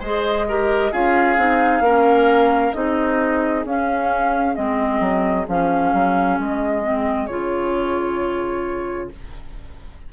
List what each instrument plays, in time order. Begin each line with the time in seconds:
0.00 bassoon G#3, clarinet G#4, oboe C5, flute D#5
0.49 clarinet G4, oboe A#4
0.92 bassoon C#4, clarinet F4, oboe G#4, flute F5
1.37 bassoon C4, clarinet D#4
1.81 bassoon A#3, clarinet C#4, oboe A#4
2.74 bassoon C4, clarinet D#4, oboe G#4, flute D#5
3.65 bassoon C#4, clarinet C#4, flute F5
4.55 bassoon G#3, clarinet C4, flute D#5
5.00 bassoon F#3
5.48 bassoon F3, clarinet C#4, flute F5
5.94 bassoon F#3
6.39 bassoon G#3, flute D#5
6.83 clarinet C4
7.27 bassoon C#3, clarinet F4, flute C#5